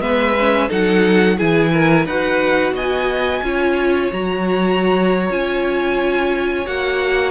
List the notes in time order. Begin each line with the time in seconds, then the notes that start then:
0.00 G#3 B3 B4 E5
0.39 C#4
0.68 F#3 D#4 A4 F#5
1.37 E3 E4 G#4 G#5
1.72 A#4
2.05 D#4 F#4 B4 F#5
2.72 B3 D#5 G#5
3.42 C#4 F4 C#5
4.12 F#3 F#4 A#5
5.29 C#4 F4 G#5
6.66 A#3 F#4 F#5